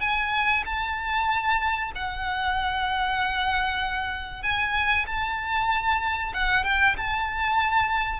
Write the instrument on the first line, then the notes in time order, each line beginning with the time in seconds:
violin
0.00 G#5
0.65 A5
1.95 F#5
4.42 G#5
5.06 A5
6.33 F#5
6.64 G5
6.97 A5